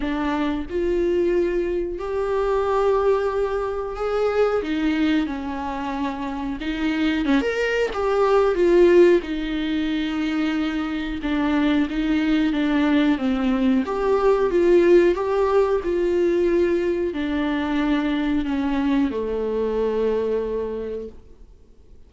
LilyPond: \new Staff \with { instrumentName = "viola" } { \time 4/4 \tempo 4 = 91 d'4 f'2 g'4~ | g'2 gis'4 dis'4 | cis'2 dis'4 cis'16 ais'8. | g'4 f'4 dis'2~ |
dis'4 d'4 dis'4 d'4 | c'4 g'4 f'4 g'4 | f'2 d'2 | cis'4 a2. | }